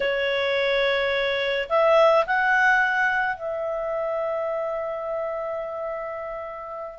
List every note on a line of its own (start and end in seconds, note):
0.00 1.68 C#5
1.69 2.25 E5
2.26 3.36 F#5
3.36 6.98 E5